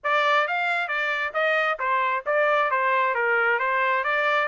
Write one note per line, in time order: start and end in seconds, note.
0.03 0.47 D5
0.47 0.87 F5
0.87 1.32 D5
1.33 1.78 D#5
1.79 2.23 C5
2.26 2.70 D5
2.70 3.14 C5
3.14 3.59 A#4
3.59 4.03 C5
4.04 4.48 D5